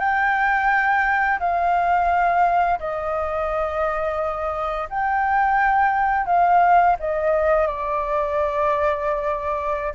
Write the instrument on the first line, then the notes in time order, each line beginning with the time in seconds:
flute
0.00 G5
1.40 F5
2.80 D#5
4.90 G5
6.27 F5
7.00 D#5
7.67 D5